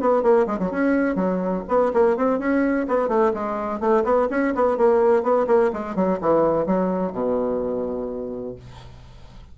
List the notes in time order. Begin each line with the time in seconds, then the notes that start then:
0.00 B3
0.23 A#3
0.47 G#3
0.59 F#3
0.71 C#4
1.15 F#3
1.68 B3
1.94 A#3
2.17 C4
2.39 C#4
2.88 B3
3.08 A3
3.34 G#3
3.80 A3
4.04 B3
4.30 C#4
4.55 B3
4.77 A#3
5.23 B3
5.47 A#3
5.73 G#3
5.95 F#3
6.21 E3
6.66 F#3
7.13 B2